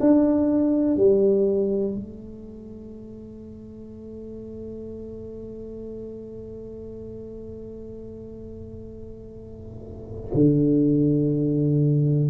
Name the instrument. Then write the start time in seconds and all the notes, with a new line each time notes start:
tuba
0.00 D4
0.97 G3
1.95 A3
10.34 D3